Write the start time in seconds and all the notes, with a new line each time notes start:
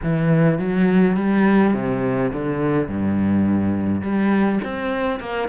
0.03 E3
0.58 F#3
1.16 G3
1.74 C3
2.32 D3
2.88 G2
4.01 G3
4.63 C4
5.19 A#3